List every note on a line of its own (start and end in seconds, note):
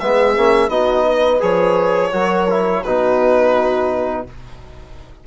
0.00 0.37 G#3
0.00 0.37 B3
0.00 0.70 G#4
0.00 0.69 E5
0.37 0.69 A#3
0.37 0.70 C#4
0.69 1.39 B3
0.69 1.40 D#4
0.69 1.06 F#4
0.69 1.40 D#5
1.06 2.12 B4
1.40 2.13 F3
1.40 2.10 G#4
1.40 2.83 C#5
2.12 2.84 F#3
2.12 2.48 F#4
2.12 2.83 A#4
2.50 2.85 E4
2.83 4.27 B2
2.83 4.27 D#4
2.83 4.26 F#4
2.83 4.25 B4